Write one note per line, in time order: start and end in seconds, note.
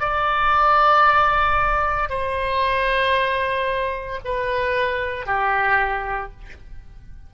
0.00 2.10 D5
2.10 4.20 C5
4.25 5.26 B4
5.26 6.32 G4